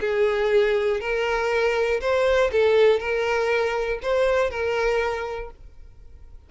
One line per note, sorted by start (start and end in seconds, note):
0.00 1.00 G#4
1.00 2.00 A#4
2.00 2.50 C5
2.52 2.99 A4
2.99 3.99 A#4
4.02 4.50 C5
4.50 5.50 A#4